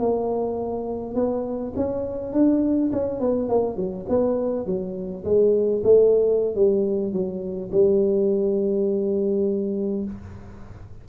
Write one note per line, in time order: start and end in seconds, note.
0.00 1.15 A#3
1.15 1.73 B3
1.76 2.33 C#4
2.33 2.92 D4
2.93 3.20 C#4
3.20 3.49 B3
3.49 3.77 A#3
3.77 4.06 F#3
4.09 4.66 B3
4.66 5.25 F#3
5.25 5.83 G#3
5.84 6.55 A3
6.55 7.13 G3
7.13 7.71 F#3
7.72 10.05 G3